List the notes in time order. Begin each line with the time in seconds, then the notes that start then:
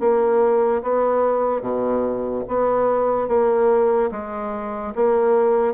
0.00 A#3
0.82 B3
1.61 B2
2.48 B3
3.28 A#3
4.11 G#3
4.95 A#3